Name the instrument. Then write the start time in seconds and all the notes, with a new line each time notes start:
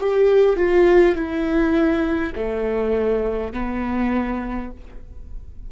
viola
0.00 G4
0.57 F4
1.16 E4
2.36 A3
3.53 B3